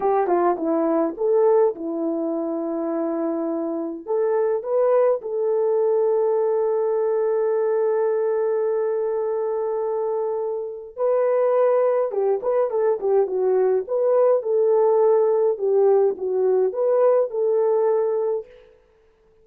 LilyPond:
\new Staff \with { instrumentName = "horn" } { \time 4/4 \tempo 4 = 104 g'8 f'8 e'4 a'4 e'4~ | e'2. a'4 | b'4 a'2.~ | a'1~ |
a'2. b'4~ | b'4 g'8 b'8 a'8 g'8 fis'4 | b'4 a'2 g'4 | fis'4 b'4 a'2 | }